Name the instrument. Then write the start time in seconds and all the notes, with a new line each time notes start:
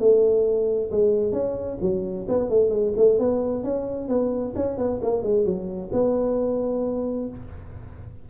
tuba
0.00 A3
0.92 G#3
1.33 C#4
1.82 F#3
2.29 B3
2.50 A3
2.70 G#3
2.97 A3
3.19 B3
3.64 C#4
4.09 B3
4.56 C#4
4.78 B3
5.02 A#3
5.23 G#3
5.45 F#3
5.93 B3